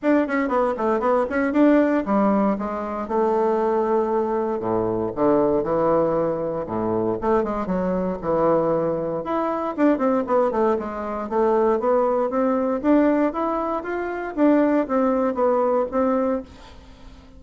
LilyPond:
\new Staff \with { instrumentName = "bassoon" } { \time 4/4 \tempo 4 = 117 d'8 cis'8 b8 a8 b8 cis'8 d'4 | g4 gis4 a2~ | a4 a,4 d4 e4~ | e4 a,4 a8 gis8 fis4 |
e2 e'4 d'8 c'8 | b8 a8 gis4 a4 b4 | c'4 d'4 e'4 f'4 | d'4 c'4 b4 c'4 | }